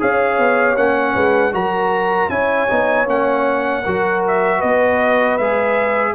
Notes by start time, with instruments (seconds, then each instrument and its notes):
0.00 tuba C#4, trombone G#4, horn C#5, trumpet F5
0.39 tuba B3
0.77 tuba A#3, trombone C#4, trumpet F#5
1.15 tuba G#3, horn B4
1.53 tuba F#3, trombone F#4, horn A#4, trumpet A#5
2.29 tuba C#4, trombone E4, horn C#5, trumpet G#5
2.69 tuba B3, trombone D#4
3.06 tuba A#3, trombone C#4, trumpet F#5
3.84 tuba F#3, trombone F#4, horn A#4
4.28 trumpet E5
4.58 tuba B3, horn B4, trumpet D#5
5.38 tuba G#3, trombone G#4, trumpet E5